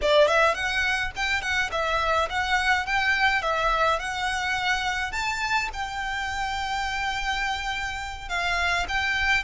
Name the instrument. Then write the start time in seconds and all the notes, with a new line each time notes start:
violin
0.01 D5
0.27 E5
0.54 F#5
1.16 G5
1.41 F#5
1.71 E5
2.29 F#5
2.86 G5
3.42 E5
3.99 F#5
5.12 A5
5.73 G5
8.29 F5
8.88 G5